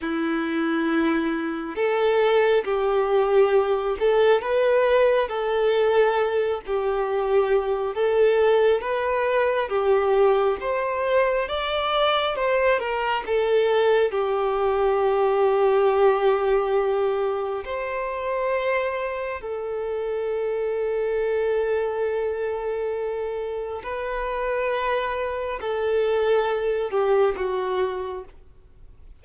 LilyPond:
\new Staff \with { instrumentName = "violin" } { \time 4/4 \tempo 4 = 68 e'2 a'4 g'4~ | g'8 a'8 b'4 a'4. g'8~ | g'4 a'4 b'4 g'4 | c''4 d''4 c''8 ais'8 a'4 |
g'1 | c''2 a'2~ | a'2. b'4~ | b'4 a'4. g'8 fis'4 | }